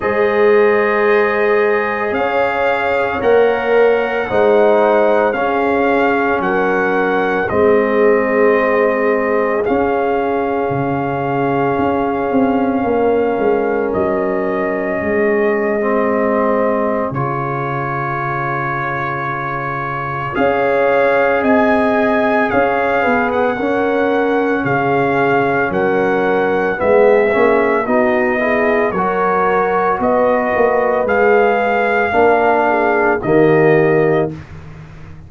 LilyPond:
<<
  \new Staff \with { instrumentName = "trumpet" } { \time 4/4 \tempo 4 = 56 dis''2 f''4 fis''4~ | fis''4 f''4 fis''4 dis''4~ | dis''4 f''2.~ | f''4 dis''2. |
cis''2. f''4 | gis''4 f''8. fis''4~ fis''16 f''4 | fis''4 e''4 dis''4 cis''4 | dis''4 f''2 dis''4 | }
  \new Staff \with { instrumentName = "horn" } { \time 4/4 c''2 cis''2 | c''4 gis'4 ais'4 gis'4~ | gis'1 | ais'2 gis'2~ |
gis'2. cis''4 | dis''4 cis''8 b'8 ais'4 gis'4 | ais'4 gis'4 fis'8 gis'8 ais'4 | b'2 ais'8 gis'8 g'4 | }
  \new Staff \with { instrumentName = "trombone" } { \time 4/4 gis'2. ais'4 | dis'4 cis'2 c'4~ | c'4 cis'2.~ | cis'2~ cis'8. c'4~ c'16 |
f'2. gis'4~ | gis'2 cis'2~ | cis'4 b8 cis'8 dis'8 e'8 fis'4~ | fis'4 gis'4 d'4 ais4 | }
  \new Staff \with { instrumentName = "tuba" } { \time 4/4 gis2 cis'4 ais4 | gis4 cis'4 fis4 gis4~ | gis4 cis'4 cis4 cis'8 c'8 | ais8 gis8 fis4 gis2 |
cis2. cis'4 | c'4 cis'8 b8 cis'4 cis4 | fis4 gis8 ais8 b4 fis4 | b8 ais8 gis4 ais4 dis4 | }
>>